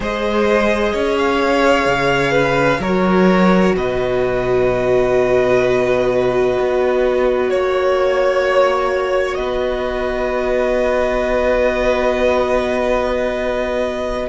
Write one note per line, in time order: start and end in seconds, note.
0.00 0.93 G#3
0.00 2.81 G#4
0.00 0.93 C5
0.00 1.18 D#5
0.93 1.85 C#4
0.93 2.31 C#5
1.18 2.81 F5
1.85 2.78 C#3
2.31 2.78 B4
2.78 3.72 F#3
2.78 14.29 F#4
2.78 3.75 A#4
2.78 3.75 C#5
3.75 6.57 B2
3.75 7.50 B4
3.75 7.49 D#5
6.59 7.51 B3
7.49 9.37 A#3
7.49 9.34 C#5
7.49 9.38 C#5
9.34 14.29 B3
9.34 14.29 B4
9.34 14.27 D#5